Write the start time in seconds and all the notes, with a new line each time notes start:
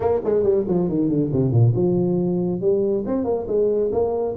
0.00 A#3
0.24 G#3
0.43 G3
0.67 F3
0.88 D#3
1.09 D3
1.32 C3
1.51 A#2
1.75 F3
2.60 G3
3.06 C4
3.24 A#3
3.47 G#3
3.92 A#3